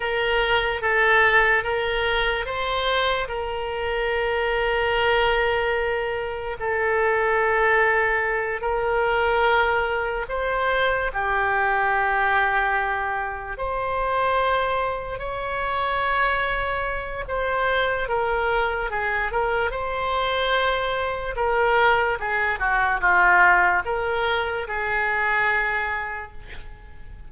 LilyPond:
\new Staff \with { instrumentName = "oboe" } { \time 4/4 \tempo 4 = 73 ais'4 a'4 ais'4 c''4 | ais'1 | a'2~ a'8 ais'4.~ | ais'8 c''4 g'2~ g'8~ |
g'8 c''2 cis''4.~ | cis''4 c''4 ais'4 gis'8 ais'8 | c''2 ais'4 gis'8 fis'8 | f'4 ais'4 gis'2 | }